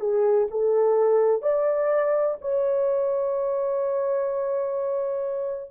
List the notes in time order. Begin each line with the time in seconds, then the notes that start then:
0.00 G#4
0.51 A4
1.42 D5
2.41 C#5